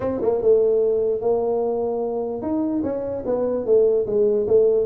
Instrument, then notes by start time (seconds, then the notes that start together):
tuba
0.00 C4
0.21 A#3
0.41 A3
1.21 A#3
2.42 D#4
2.83 C#4
3.25 B3
3.65 A3
4.06 G#3
4.47 A3